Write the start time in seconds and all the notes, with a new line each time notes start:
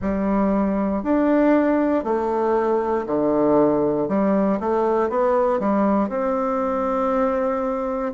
0.01 G3
1.03 D4
2.03 A3
3.06 D3
4.08 G3
4.60 A3
5.09 B3
5.59 G3
6.09 C4